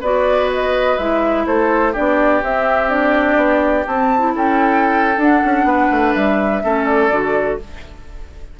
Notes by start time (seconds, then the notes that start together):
0.00 B3 F#4 B4 D5
0.54 D#5
0.97 G#3 E4 E5
1.46 A3 A4 C5
1.92 B3 D4 G4 D5
2.42 C4 E5
2.89 D4 D5
3.36 B3
3.87 C4 A5
4.18 E4
4.35 C#4 A4 G5
5.17 D4 F#5
5.45 C#4
5.64 B3 B4
5.91 A3
6.14 G3 E5
6.63 A3 C#4 A4
6.85 D5
7.10 D3 F#4